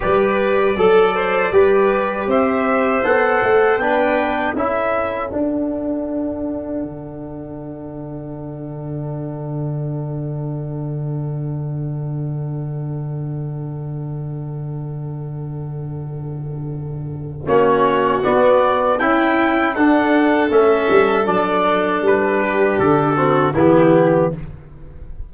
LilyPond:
<<
  \new Staff \with { instrumentName = "trumpet" } { \time 4/4 \tempo 4 = 79 d''2. e''4 | fis''4 g''4 e''4 fis''4~ | fis''1~ | fis''1~ |
fis''1~ | fis''2. cis''4 | d''4 g''4 fis''4 e''4 | d''4 b'4 a'4 g'4 | }
  \new Staff \with { instrumentName = "violin" } { \time 4/4 b'4 a'8 c''8 b'4 c''4~ | c''4 b'4 a'2~ | a'1~ | a'1~ |
a'1~ | a'2. fis'4~ | fis'4 e'4 a'2~ | a'4. g'4 fis'8 e'4 | }
  \new Staff \with { instrumentName = "trombone" } { \time 4/4 g'4 a'4 g'2 | a'4 d'4 e'4 d'4~ | d'1~ | d'1~ |
d'1~ | d'2. cis'4 | b4 e'4 d'4 cis'4 | d'2~ d'8 c'8 b4 | }
  \new Staff \with { instrumentName = "tuba" } { \time 4/4 g4 fis4 g4 c'4 | b8 a8 b4 cis'4 d'4~ | d'4 d2.~ | d1~ |
d1~ | d2. ais4 | b4 cis'4 d'4 a8 g8 | fis4 g4 d4 e4 | }
>>